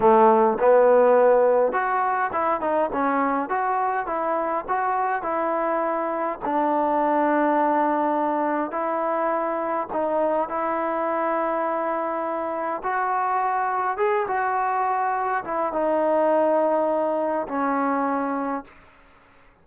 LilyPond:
\new Staff \with { instrumentName = "trombone" } { \time 4/4 \tempo 4 = 103 a4 b2 fis'4 | e'8 dis'8 cis'4 fis'4 e'4 | fis'4 e'2 d'4~ | d'2. e'4~ |
e'4 dis'4 e'2~ | e'2 fis'2 | gis'8 fis'2 e'8 dis'4~ | dis'2 cis'2 | }